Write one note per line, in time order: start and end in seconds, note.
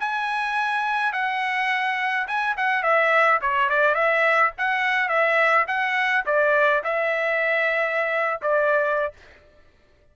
0.00 1.13 G#5
1.13 2.27 F#5
2.28 2.56 G#5
2.57 2.83 F#5
2.83 3.41 E5
3.42 3.69 C#5
3.69 3.95 D5
3.95 4.52 E5
4.58 5.09 F#5
5.09 5.66 E5
5.68 6.25 F#5
6.26 6.83 D5
6.84 8.41 E5
8.42 9.14 D5